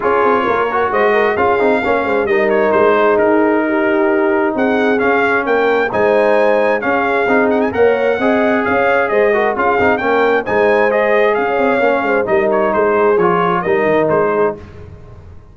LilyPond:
<<
  \new Staff \with { instrumentName = "trumpet" } { \time 4/4 \tempo 4 = 132 cis''2 dis''4 f''4~ | f''4 dis''8 cis''8 c''4 ais'4~ | ais'2 fis''4 f''4 | g''4 gis''2 f''4~ |
f''8 fis''16 gis''16 fis''2 f''4 | dis''4 f''4 g''4 gis''4 | dis''4 f''2 dis''8 cis''8 | c''4 cis''4 dis''4 c''4 | }
  \new Staff \with { instrumentName = "horn" } { \time 4/4 gis'4 ais'4 c''8 ais'8 gis'4 | cis''8 c''8 ais'4. gis'4. | g'2 gis'2 | ais'4 c''2 gis'4~ |
gis'4 cis''4 dis''4 cis''4 | c''8 ais'8 gis'4 ais'4 c''4~ | c''4 cis''4. c''8 ais'4 | gis'2 ais'4. gis'8 | }
  \new Staff \with { instrumentName = "trombone" } { \time 4/4 f'4. fis'4. f'8 dis'8 | cis'4 dis'2.~ | dis'2. cis'4~ | cis'4 dis'2 cis'4 |
dis'4 ais'4 gis'2~ | gis'8 fis'8 f'8 dis'8 cis'4 dis'4 | gis'2 cis'4 dis'4~ | dis'4 f'4 dis'2 | }
  \new Staff \with { instrumentName = "tuba" } { \time 4/4 cis'8 c'8 ais4 gis4 cis'8 c'8 | ais8 gis8 g4 gis4 dis'4~ | dis'2 c'4 cis'4 | ais4 gis2 cis'4 |
c'4 ais4 c'4 cis'4 | gis4 cis'8 c'8 ais4 gis4~ | gis4 cis'8 c'8 ais8 gis8 g4 | gis4 f4 g8 dis8 gis4 | }
>>